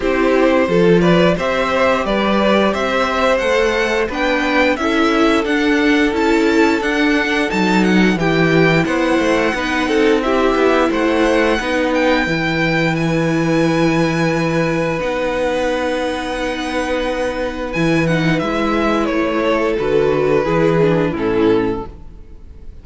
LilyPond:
<<
  \new Staff \with { instrumentName = "violin" } { \time 4/4 \tempo 4 = 88 c''4. d''8 e''4 d''4 | e''4 fis''4 g''4 e''4 | fis''4 a''4 fis''4 a''8 fis''8 | g''4 fis''2 e''4 |
fis''4. g''4. gis''4~ | gis''2 fis''2~ | fis''2 gis''8 fis''8 e''4 | cis''4 b'2 a'4 | }
  \new Staff \with { instrumentName = "violin" } { \time 4/4 g'4 a'8 b'8 c''4 b'4 | c''2 b'4 a'4~ | a'1 | g'4 c''4 b'8 a'8 g'4 |
c''4 b'2.~ | b'1~ | b'1~ | b'8 a'4. gis'4 e'4 | }
  \new Staff \with { instrumentName = "viola" } { \time 4/4 e'4 f'4 g'2~ | g'4 a'4 d'4 e'4 | d'4 e'4 d'4 dis'4 | e'2 dis'4 e'4~ |
e'4 dis'4 e'2~ | e'2 dis'2~ | dis'2 e'8 dis'8 e'4~ | e'4 fis'4 e'8 d'8 cis'4 | }
  \new Staff \with { instrumentName = "cello" } { \time 4/4 c'4 f4 c'4 g4 | c'4 a4 b4 cis'4 | d'4 cis'4 d'4 fis4 | e4 b8 a8 b8 c'4 b8 |
a4 b4 e2~ | e2 b2~ | b2 e4 gis4 | a4 d4 e4 a,4 | }
>>